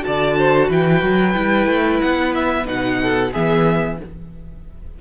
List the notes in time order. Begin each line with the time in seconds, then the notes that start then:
0.00 F#4 A5
0.06 D3 D5
0.38 C5
0.67 E3 B4 G5
1.02 F#3
1.33 G3 E4
1.66 A3
2.00 B3 F#5
2.34 E5
2.64 B2 D#4 F#5
3.02 A4
3.32 E3 B3 G#4 E5